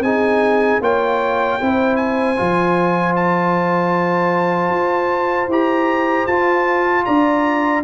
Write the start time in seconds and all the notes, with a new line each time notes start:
0.00 C4 D#4 G#4 G#5
0.80 A#3 F4 C#5 G5
1.61 C4 E4 C5
1.96 G#5
2.37 F3 F4
3.16 A5
4.70 F4
5.47 E4 G4 A#5
6.27 F4 A5
7.05 D4 D5 A#5